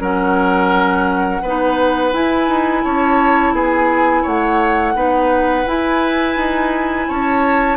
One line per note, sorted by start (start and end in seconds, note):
0.00 1.41 F#3
0.00 1.42 C#4
0.00 1.42 A#4
0.00 2.13 F#5
1.42 2.13 B3
1.42 2.12 D#4
1.42 2.83 B4
2.12 4.94 E4
2.12 2.48 E4
2.12 2.84 G#5
2.48 2.83 D#4
2.84 3.52 C#4
2.84 3.54 C#5
2.84 3.54 A5
3.52 4.23 B3
3.52 4.22 G#4
3.52 4.27 G#5
4.22 4.94 A3
4.22 4.93 C#5
4.22 5.68 F#5
4.94 5.65 B3
4.94 5.65 D#4
4.94 7.07 B4
5.66 7.77 E4
5.66 6.36 E4
5.66 7.09 G#5
6.36 7.07 D#4
7.08 7.77 C#4
7.08 7.77 C#5
7.08 7.77 A5